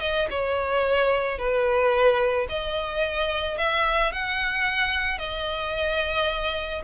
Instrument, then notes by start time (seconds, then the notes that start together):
violin
0.00 D#5
0.30 C#5
1.38 B4
2.49 D#5
3.57 E5
4.12 F#5
5.18 D#5